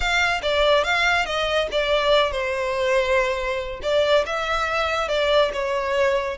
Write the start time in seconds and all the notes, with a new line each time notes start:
0.00 F5
0.42 D5
0.83 F5
1.25 D#5
1.71 D5
2.31 C5
3.82 D5
4.26 E5
5.08 D5
5.53 C#5